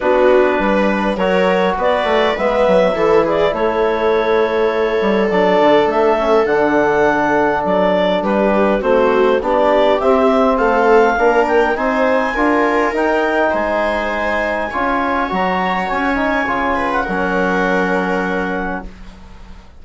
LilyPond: <<
  \new Staff \with { instrumentName = "clarinet" } { \time 4/4 \tempo 4 = 102 b'2 cis''4 d''4 | e''4. d''8 cis''2~ | cis''4 d''4 e''4 fis''4~ | fis''4 d''4 b'4 c''4 |
d''4 e''4 f''4. g''8 | gis''2 g''4 gis''4~ | gis''2 ais''4 gis''4~ | gis''8. fis''2.~ fis''16 | }
  \new Staff \with { instrumentName = "viola" } { \time 4/4 fis'4 b'4 ais'4 b'4~ | b'4 a'8 gis'8 a'2~ | a'1~ | a'2 g'4 fis'4 |
g'2 a'4 ais'4 | c''4 ais'2 c''4~ | c''4 cis''2.~ | cis''8 b'8 ais'2. | }
  \new Staff \with { instrumentName = "trombone" } { \time 4/4 d'2 fis'2 | b4 e'2.~ | e'4 d'4. cis'8 d'4~ | d'2. c'4 |
d'4 c'2 d'4 | dis'4 f'4 dis'2~ | dis'4 f'4 fis'4. dis'8 | f'4 cis'2. | }
  \new Staff \with { instrumentName = "bassoon" } { \time 4/4 b4 g4 fis4 b8 a8 | gis8 fis8 e4 a2~ | a8 g8 fis8 d8 a4 d4~ | d4 fis4 g4 a4 |
b4 c'4 a4 ais4 | c'4 d'4 dis'4 gis4~ | gis4 cis'4 fis4 cis'4 | cis4 fis2. | }
>>